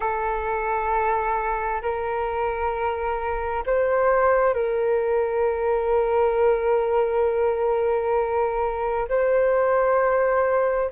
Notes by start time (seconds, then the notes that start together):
0.00 A4
1.82 A#4
3.66 C5
4.54 A#4
9.09 C5